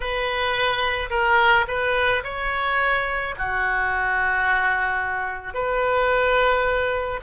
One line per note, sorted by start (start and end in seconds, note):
0.00 1.09 B4
1.10 1.65 A#4
1.67 2.23 B4
2.23 3.34 C#5
3.37 5.54 F#4
5.54 7.20 B4